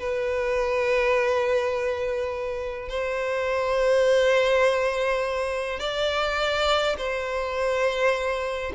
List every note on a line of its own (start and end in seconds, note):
0.00 2.89 B4
2.89 5.80 C5
5.80 6.97 D5
6.98 8.73 C5